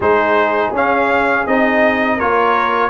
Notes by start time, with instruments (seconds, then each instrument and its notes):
0.00 tuba G#3, trombone D#4, horn G#4, trumpet C5
0.71 tuba C#4, trombone C#4, trumpet F5
1.46 tuba C4, trombone D#4, trumpet D#5
2.16 tuba A#3, trombone F4, horn A#4, trumpet C#5